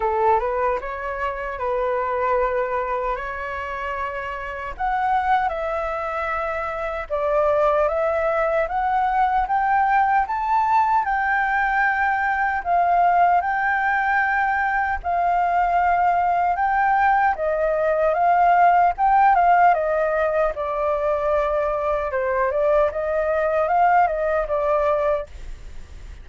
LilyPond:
\new Staff \with { instrumentName = "flute" } { \time 4/4 \tempo 4 = 76 a'8 b'8 cis''4 b'2 | cis''2 fis''4 e''4~ | e''4 d''4 e''4 fis''4 | g''4 a''4 g''2 |
f''4 g''2 f''4~ | f''4 g''4 dis''4 f''4 | g''8 f''8 dis''4 d''2 | c''8 d''8 dis''4 f''8 dis''8 d''4 | }